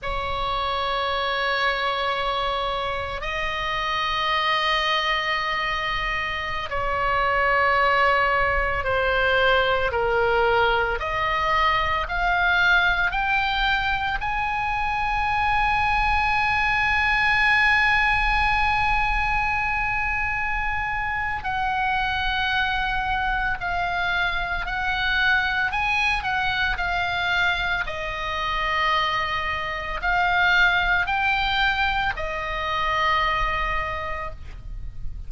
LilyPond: \new Staff \with { instrumentName = "oboe" } { \time 4/4 \tempo 4 = 56 cis''2. dis''4~ | dis''2~ dis''16 cis''4.~ cis''16~ | cis''16 c''4 ais'4 dis''4 f''8.~ | f''16 g''4 gis''2~ gis''8.~ |
gis''1 | fis''2 f''4 fis''4 | gis''8 fis''8 f''4 dis''2 | f''4 g''4 dis''2 | }